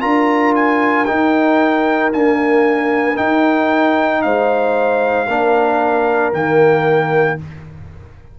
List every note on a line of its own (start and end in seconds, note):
0.00 1.08 D4
0.00 1.05 F4
0.00 4.21 A#4
0.00 0.53 A#5
0.55 1.05 G#5
1.05 2.12 D#4
1.05 2.13 D#4
1.05 2.10 G5
2.12 3.15 A#3
2.12 3.18 D4
2.12 3.16 G#5
3.15 5.26 D#4
3.15 4.24 D#4
3.15 4.22 G5
4.22 5.28 G#3
4.22 5.28 C5
4.22 6.32 F5
5.28 6.32 A#3
5.28 6.33 D4
5.28 7.38 A#4
6.32 7.38 D#3
6.32 7.38 A#3
6.32 7.38 G5